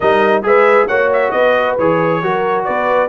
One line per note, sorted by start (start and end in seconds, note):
0.00 0.43 G3
0.00 0.42 D#4
0.00 0.44 A#4
0.00 0.43 D#5
0.42 0.88 G#3
0.42 0.87 G#4
0.42 0.87 B4
0.42 0.87 E5
0.87 1.33 A#3
0.87 1.78 F#4
0.87 1.31 C#5
0.87 1.09 F#5
1.13 1.31 E5
1.31 1.78 B3
1.31 2.21 B4
1.31 1.75 D#5
1.78 2.22 E3
1.78 2.22 G#4
1.78 2.64 C#5
2.22 2.66 F#3
2.22 3.08 F#4
2.22 2.65 A#4
2.64 3.08 B3
2.64 3.08 B4
2.64 3.08 D5